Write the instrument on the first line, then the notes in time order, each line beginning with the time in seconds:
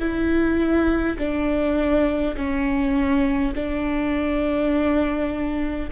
viola
0.00 E4
1.19 D4
2.37 C#4
3.55 D4